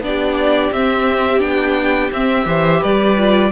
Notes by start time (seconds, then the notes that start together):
0.00 B3 D4 D5
0.06 G4
0.71 C4 E5
1.39 B3 D4 G5
2.11 C4 E5
2.45 E3 G4 C5
2.81 G3 B4 D5
3.17 F4